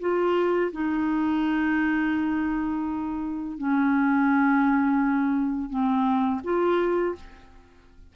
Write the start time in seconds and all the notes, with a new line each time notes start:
0.00 F4
0.72 D#4
3.58 C#4
5.69 C4
6.44 F4